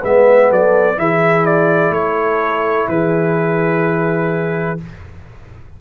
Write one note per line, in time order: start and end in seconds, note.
0.00 0.50 G#3
0.00 0.96 B3
0.00 0.48 B4
0.00 0.51 E5
0.48 0.97 F#3
0.48 0.96 A4
0.48 0.99 D5
0.96 1.90 E3
0.96 4.77 E4
0.96 1.95 G#4
0.96 1.45 E5
1.45 1.93 D5
1.90 2.85 A3
1.90 2.90 A4
1.90 2.88 C#5
2.88 4.78 E3
2.88 4.80 G#4
2.88 4.79 B4